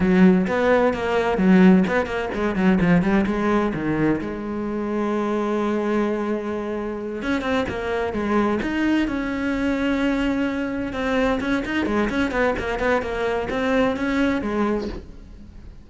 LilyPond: \new Staff \with { instrumentName = "cello" } { \time 4/4 \tempo 4 = 129 fis4 b4 ais4 fis4 | b8 ais8 gis8 fis8 f8 g8 gis4 | dis4 gis2.~ | gis2.~ gis8 cis'8 |
c'8 ais4 gis4 dis'4 cis'8~ | cis'2.~ cis'8 c'8~ | c'8 cis'8 dis'8 gis8 cis'8 b8 ais8 b8 | ais4 c'4 cis'4 gis4 | }